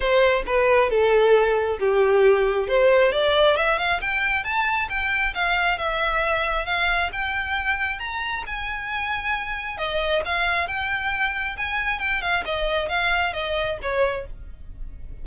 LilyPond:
\new Staff \with { instrumentName = "violin" } { \time 4/4 \tempo 4 = 135 c''4 b'4 a'2 | g'2 c''4 d''4 | e''8 f''8 g''4 a''4 g''4 | f''4 e''2 f''4 |
g''2 ais''4 gis''4~ | gis''2 dis''4 f''4 | g''2 gis''4 g''8 f''8 | dis''4 f''4 dis''4 cis''4 | }